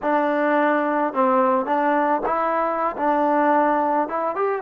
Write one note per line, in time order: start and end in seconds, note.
0.02 1.13 D4
1.13 1.65 C4
1.65 2.21 D4
2.26 2.96 E4
2.96 4.08 D4
4.08 4.35 E4
4.35 4.61 G4